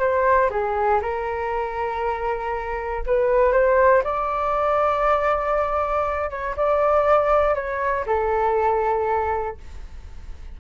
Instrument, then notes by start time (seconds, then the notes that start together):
flute
0.00 C5
0.50 G#4
1.02 A#4
3.06 B4
3.53 C5
4.04 D5
6.31 C#5
6.57 D5
7.55 C#5
8.07 A4